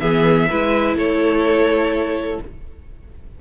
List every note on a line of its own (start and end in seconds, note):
0.00 0.48 E3
0.00 0.49 B3
0.00 0.50 G#4
0.00 0.95 E5
0.50 0.96 G#3
0.50 2.42 E4
0.50 0.98 B4
0.96 2.39 A3
0.96 2.42 A4
0.96 2.41 C#5